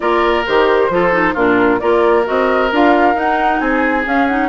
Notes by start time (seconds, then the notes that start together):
0.00 A#3 F4 A#4 D5
0.46 D#3 G4 C5
0.89 F3 F4 A4
1.12 D#4
1.34 A#2 D4 F4 A#4
1.79 A#3 F4 A#4 D5
2.24 C4 F#4 D#5
2.72 D4 F4 F5
3.14 D#4 F#5
3.59 C4 G#4 G#5
4.05 C#4 F5
4.27 D#4 F#5